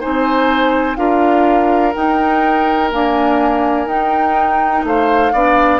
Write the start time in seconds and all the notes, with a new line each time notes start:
0.00 C4 D#4 C5 G#5
0.96 D4 F4 A#4 F5
1.94 D#4 G5
2.90 A#3 D4 G#5
3.86 D#4 G5
4.83 A3 C5 F5
5.33 B3 D4 D5